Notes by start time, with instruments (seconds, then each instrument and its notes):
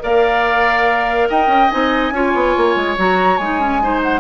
0.00 bassoon A#3, clarinet A#4, oboe D5, flute F5
1.29 bassoon D#4, oboe D#5, flute G5
1.47 bassoon C#4
1.71 bassoon C4, clarinet D#4, flute G#5
2.11 bassoon C#4, clarinet F4, oboe C#5
2.34 bassoon B3
2.57 bassoon A#3
2.76 bassoon G#3
2.97 bassoon F#3, clarinet F#4, flute A#5
3.37 bassoon G#3, clarinet D#4, flute G#5
3.60 clarinet C#4
3.82 clarinet D#4, oboe C5
4.03 flute F#5